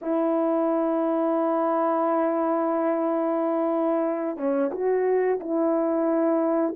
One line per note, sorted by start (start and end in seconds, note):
0.01 4.37 E4
4.37 4.70 C#4
4.72 5.39 F#4
5.40 6.74 E4